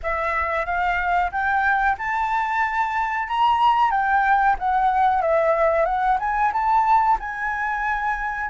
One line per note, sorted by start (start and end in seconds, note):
0.02 0.65 E5
0.65 1.30 F5
1.31 1.97 G5
1.98 3.28 A5
3.28 3.90 A#5
3.90 4.56 G5
4.58 5.21 F#5
5.21 5.85 E5
5.85 6.17 F#5
6.19 6.52 G#5
6.52 7.18 A5
7.19 8.50 G#5